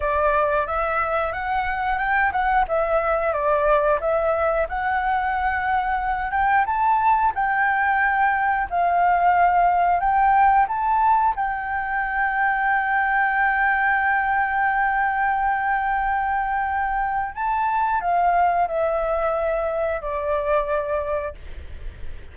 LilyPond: \new Staff \with { instrumentName = "flute" } { \time 4/4 \tempo 4 = 90 d''4 e''4 fis''4 g''8 fis''8 | e''4 d''4 e''4 fis''4~ | fis''4. g''8 a''4 g''4~ | g''4 f''2 g''4 |
a''4 g''2.~ | g''1~ | g''2 a''4 f''4 | e''2 d''2 | }